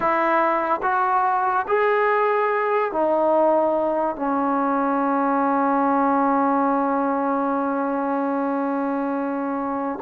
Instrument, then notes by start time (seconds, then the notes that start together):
trombone
0.00 E4
0.82 F#4
1.67 G#4
2.92 D#4
4.16 C#4